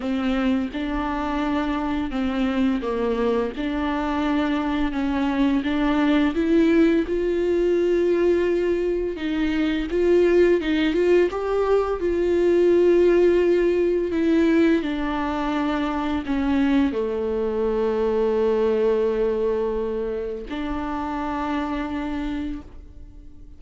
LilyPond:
\new Staff \with { instrumentName = "viola" } { \time 4/4 \tempo 4 = 85 c'4 d'2 c'4 | ais4 d'2 cis'4 | d'4 e'4 f'2~ | f'4 dis'4 f'4 dis'8 f'8 |
g'4 f'2. | e'4 d'2 cis'4 | a1~ | a4 d'2. | }